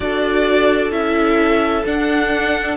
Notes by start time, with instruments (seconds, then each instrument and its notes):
0.00 cello D4, viola F#4, violin A4 D5
0.91 cello C#4, viola E4, violin E5
1.85 cello D4, viola D4, violin F#5